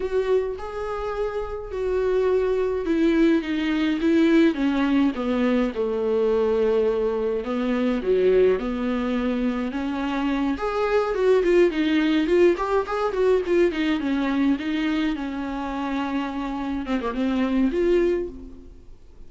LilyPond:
\new Staff \with { instrumentName = "viola" } { \time 4/4 \tempo 4 = 105 fis'4 gis'2 fis'4~ | fis'4 e'4 dis'4 e'4 | cis'4 b4 a2~ | a4 b4 fis4 b4~ |
b4 cis'4. gis'4 fis'8 | f'8 dis'4 f'8 g'8 gis'8 fis'8 f'8 | dis'8 cis'4 dis'4 cis'4.~ | cis'4. c'16 ais16 c'4 f'4 | }